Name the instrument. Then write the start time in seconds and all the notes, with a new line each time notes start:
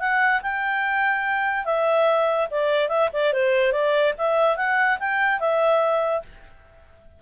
clarinet
0.00 F#5
0.42 G5
1.65 E5
2.51 D5
2.89 E5
3.13 D5
3.33 C5
3.72 D5
4.18 E5
4.57 F#5
5.00 G5
5.40 E5